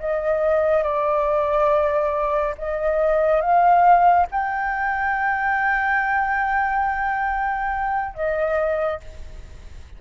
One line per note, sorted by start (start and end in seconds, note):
0.00 0.84 D#5
0.84 2.55 D5
2.58 3.41 D#5
3.41 4.27 F5
4.31 8.15 G5
8.15 9.00 D#5